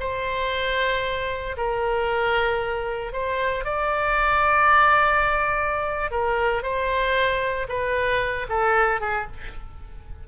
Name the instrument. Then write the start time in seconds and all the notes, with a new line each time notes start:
oboe
0.00 C5
1.57 A#4
3.13 C5
3.65 D5
6.11 A#4
6.63 C5
7.69 B4
8.49 A4
9.01 G#4